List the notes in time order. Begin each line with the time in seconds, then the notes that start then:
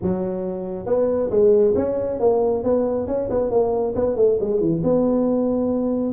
0.01 F#3
0.86 B3
1.30 G#3
1.75 C#4
2.19 A#3
2.63 B3
3.07 C#4
3.30 B3
3.50 A#3
3.95 B3
4.15 A3
4.40 G#3
4.60 E3
4.83 B3